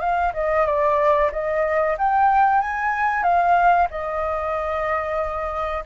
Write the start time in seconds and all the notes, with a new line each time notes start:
0.00 F5
0.34 D#5
0.66 D5
1.32 D#5
1.98 G5
2.61 G#5
3.23 F5
3.90 D#5